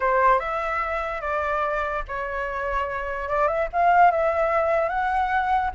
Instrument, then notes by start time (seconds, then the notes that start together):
flute
0.00 C5
0.39 E5
1.21 D5
2.08 C#5
3.28 D5
3.47 E5
3.72 F5
4.11 E5
4.88 F#5